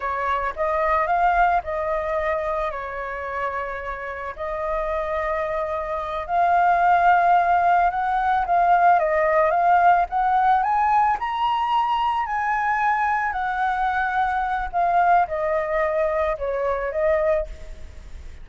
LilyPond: \new Staff \with { instrumentName = "flute" } { \time 4/4 \tempo 4 = 110 cis''4 dis''4 f''4 dis''4~ | dis''4 cis''2. | dis''2.~ dis''8 f''8~ | f''2~ f''8 fis''4 f''8~ |
f''8 dis''4 f''4 fis''4 gis''8~ | gis''8 ais''2 gis''4.~ | gis''8 fis''2~ fis''8 f''4 | dis''2 cis''4 dis''4 | }